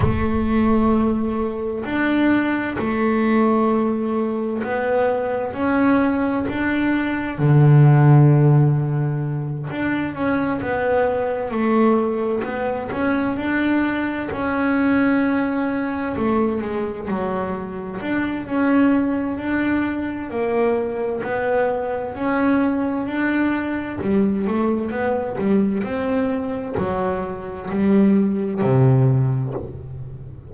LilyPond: \new Staff \with { instrumentName = "double bass" } { \time 4/4 \tempo 4 = 65 a2 d'4 a4~ | a4 b4 cis'4 d'4 | d2~ d8 d'8 cis'8 b8~ | b8 a4 b8 cis'8 d'4 cis'8~ |
cis'4. a8 gis8 fis4 d'8 | cis'4 d'4 ais4 b4 | cis'4 d'4 g8 a8 b8 g8 | c'4 fis4 g4 c4 | }